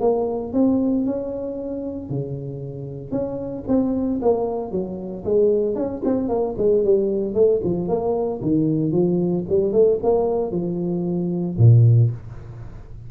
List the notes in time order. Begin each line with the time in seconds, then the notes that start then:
0.00 A#3
0.53 C4
1.06 C#4
2.09 C#3
3.11 C#4
3.67 C4
4.21 A#3
4.71 F#3
5.24 G#3
5.75 C#4
6.04 C4
6.28 A#3
6.57 G#3
6.84 G3
7.34 A3
7.64 F3
7.88 A#3
8.41 D#3
8.91 F3
9.49 G3
9.72 A3
10.03 A#3
10.51 F3
11.58 A#2